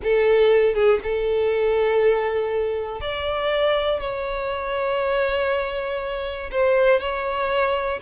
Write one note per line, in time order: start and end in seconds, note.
0.02 0.74 A4
0.74 0.99 G#4
1.03 3.00 A4
3.00 4.00 D5
4.00 6.50 C#5
6.51 7.00 C5
7.00 8.00 C#5